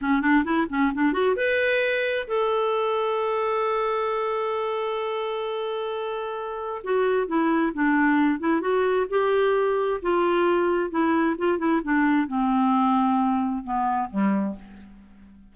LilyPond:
\new Staff \with { instrumentName = "clarinet" } { \time 4/4 \tempo 4 = 132 cis'8 d'8 e'8 cis'8 d'8 fis'8 b'4~ | b'4 a'2.~ | a'1~ | a'2. fis'4 |
e'4 d'4. e'8 fis'4 | g'2 f'2 | e'4 f'8 e'8 d'4 c'4~ | c'2 b4 g4 | }